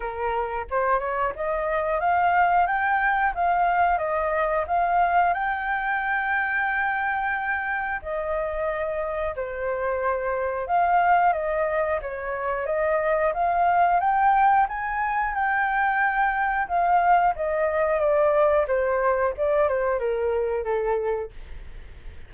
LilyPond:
\new Staff \with { instrumentName = "flute" } { \time 4/4 \tempo 4 = 90 ais'4 c''8 cis''8 dis''4 f''4 | g''4 f''4 dis''4 f''4 | g''1 | dis''2 c''2 |
f''4 dis''4 cis''4 dis''4 | f''4 g''4 gis''4 g''4~ | g''4 f''4 dis''4 d''4 | c''4 d''8 c''8 ais'4 a'4 | }